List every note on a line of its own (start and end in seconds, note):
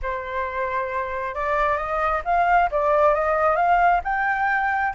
0.02 1.35 C5
1.35 1.77 D5
1.77 2.21 D#5
2.24 2.69 F5
2.71 3.14 D5
3.14 3.56 D#5
3.56 4.00 F5
4.04 4.93 G5